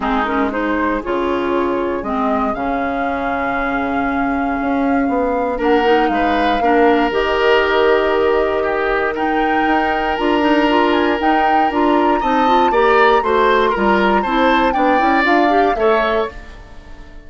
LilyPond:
<<
  \new Staff \with { instrumentName = "flute" } { \time 4/4 \tempo 4 = 118 gis'8 ais'8 c''4 cis''2 | dis''4 f''2.~ | f''2. fis''4 | f''2 dis''2~ |
dis''2 g''2 | ais''4. gis''8 g''4 ais''4 | a''4 ais''4 c'''4 ais''4 | a''4 g''4 f''4 e''4 | }
  \new Staff \with { instrumentName = "oboe" } { \time 4/4 dis'4 gis'2.~ | gis'1~ | gis'2. ais'4 | b'4 ais'2.~ |
ais'4 g'4 ais'2~ | ais'1 | dis''4 d''4 c''4 ais'4 | c''4 d''2 cis''4 | }
  \new Staff \with { instrumentName = "clarinet" } { \time 4/4 c'8 cis'8 dis'4 f'2 | c'4 cis'2.~ | cis'2. d'8 dis'8~ | dis'4 d'4 g'2~ |
g'2 dis'2 | f'8 dis'8 f'4 dis'4 f'4 | dis'8 f'8 g'4 fis'4 f'4 | e'4 d'8 e'8 f'8 g'8 a'4 | }
  \new Staff \with { instrumentName = "bassoon" } { \time 4/4 gis2 cis2 | gis4 cis2.~ | cis4 cis'4 b4 ais4 | gis4 ais4 dis2~ |
dis2. dis'4 | d'2 dis'4 d'4 | c'4 ais4 a4 g4 | c'4 b8 cis'8 d'4 a4 | }
>>